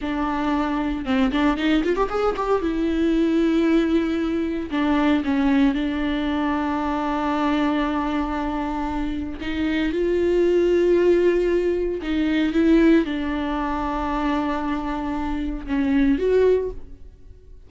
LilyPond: \new Staff \with { instrumentName = "viola" } { \time 4/4 \tempo 4 = 115 d'2 c'8 d'8 dis'8 f'16 g'16 | gis'8 g'8 e'2.~ | e'4 d'4 cis'4 d'4~ | d'1~ |
d'2 dis'4 f'4~ | f'2. dis'4 | e'4 d'2.~ | d'2 cis'4 fis'4 | }